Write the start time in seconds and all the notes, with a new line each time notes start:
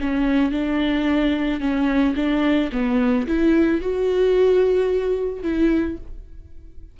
0.00 C#4
0.51 D4
1.60 C#4
2.15 D4
2.72 B3
3.27 E4
3.81 F#4
5.42 E4